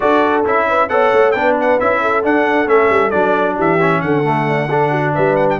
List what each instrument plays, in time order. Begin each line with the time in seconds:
0.00 tuba D4, trombone F#4, horn A4, trumpet D5
0.44 tuba C#4, trombone E4, trumpet E5
0.68 horn B4
0.89 tuba B3, trombone A4, horn C#5, trumpet F#5
1.12 tuba A3
1.31 tuba B3, trombone D4, horn B4, trumpet G5
1.60 trumpet F#5
1.79 tuba C#4, trombone E4, trumpet E5
2.01 horn A4
2.22 trombone D4, tuba D4, trumpet F#5
2.66 tuba A3, trombone C#4, trumpet E5
2.89 tuba G3
3.10 tuba F#3, trombone D4, trumpet D5
3.56 tuba E3, horn G4, trumpet E5
3.80 trombone C#4
4.01 tuba D3, horn A4, trumpet F#5
4.23 trombone A3
4.48 horn D4
4.68 trombone D4, horn A4
4.91 horn F#4
5.14 tuba G3, horn B4, trumpet E5
5.35 trumpet F#5
5.49 trumpet G5